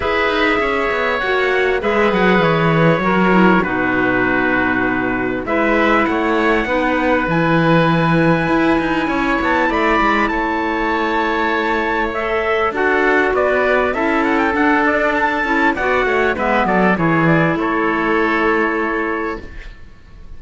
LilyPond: <<
  \new Staff \with { instrumentName = "trumpet" } { \time 4/4 \tempo 4 = 99 e''2 fis''4 e''8 fis''8 | cis''2 b'2~ | b'4 e''4 fis''2 | gis''2.~ gis''8 a''8 |
b''4 a''2. | e''4 fis''4 d''4 e''8 fis''16 g''16 | fis''8 d''8 a''4 fis''4 e''8 d''8 | cis''8 d''8 cis''2. | }
  \new Staff \with { instrumentName = "oboe" } { \time 4/4 b'4 cis''2 b'4~ | b'4 ais'4 fis'2~ | fis'4 b'4 cis''4 b'4~ | b'2. cis''4 |
d''4 cis''2.~ | cis''4 a'4 b'4 a'4~ | a'2 d''8 cis''8 b'8 a'8 | gis'4 a'2. | }
  \new Staff \with { instrumentName = "clarinet" } { \time 4/4 gis'2 fis'4 gis'4~ | gis'4 fis'8 e'8 dis'2~ | dis'4 e'2 dis'4 | e'1~ |
e'1 | a'4 fis'2 e'4 | d'4. e'8 fis'4 b4 | e'1 | }
  \new Staff \with { instrumentName = "cello" } { \time 4/4 e'8 dis'8 cis'8 b8 ais4 gis8 fis8 | e4 fis4 b,2~ | b,4 gis4 a4 b4 | e2 e'8 dis'8 cis'8 b8 |
a8 gis8 a2.~ | a4 d'4 b4 cis'4 | d'4. cis'8 b8 a8 gis8 fis8 | e4 a2. | }
>>